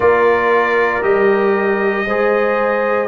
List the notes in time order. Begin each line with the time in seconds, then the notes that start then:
0.00 A#3 F4 A#4 D5
1.02 G3 G4 D#5
2.05 G#3 G#4 C5